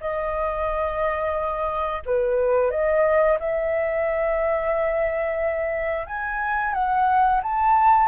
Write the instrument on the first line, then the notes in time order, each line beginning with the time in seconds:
flute
0.00 D#5
2.06 B4
2.71 D#5
3.40 E5
6.07 G#5
6.74 F#5
7.42 A5